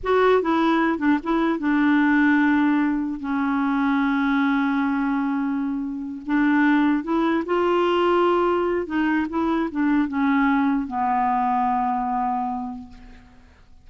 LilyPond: \new Staff \with { instrumentName = "clarinet" } { \time 4/4 \tempo 4 = 149 fis'4 e'4. d'8 e'4 | d'1 | cis'1~ | cis'2.~ cis'8 d'8~ |
d'4. e'4 f'4.~ | f'2 dis'4 e'4 | d'4 cis'2 b4~ | b1 | }